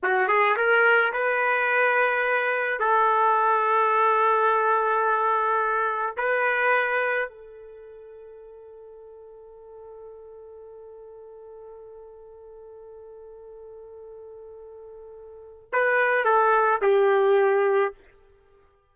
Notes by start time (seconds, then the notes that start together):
0.02 F#4
0.28 G#4
0.56 A#4
1.12 B4
2.79 A4
6.16 B4
7.28 A4
15.72 B4
16.24 A4
16.81 G4